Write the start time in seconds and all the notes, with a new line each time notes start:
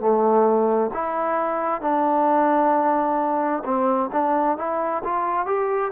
0.00 A3
0.93 E4
1.81 D4
3.65 C4
4.12 D4
4.57 E4
5.04 F4
5.46 G4